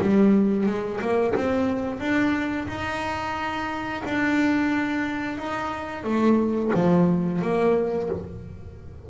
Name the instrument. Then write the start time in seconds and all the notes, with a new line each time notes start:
double bass
0.00 G3
0.66 G#3
1.01 A#3
1.35 C4
1.99 D4
2.68 D#4
4.04 D4
5.37 D#4
6.03 A3
6.74 F3
7.42 A#3